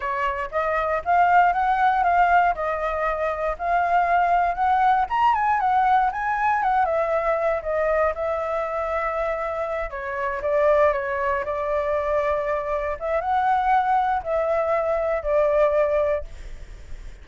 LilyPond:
\new Staff \with { instrumentName = "flute" } { \time 4/4 \tempo 4 = 118 cis''4 dis''4 f''4 fis''4 | f''4 dis''2 f''4~ | f''4 fis''4 ais''8 gis''8 fis''4 | gis''4 fis''8 e''4. dis''4 |
e''2.~ e''8 cis''8~ | cis''8 d''4 cis''4 d''4.~ | d''4. e''8 fis''2 | e''2 d''2 | }